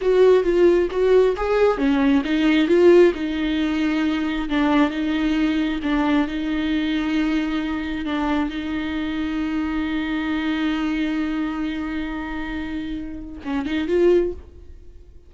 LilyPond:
\new Staff \with { instrumentName = "viola" } { \time 4/4 \tempo 4 = 134 fis'4 f'4 fis'4 gis'4 | cis'4 dis'4 f'4 dis'4~ | dis'2 d'4 dis'4~ | dis'4 d'4 dis'2~ |
dis'2 d'4 dis'4~ | dis'1~ | dis'1~ | dis'2 cis'8 dis'8 f'4 | }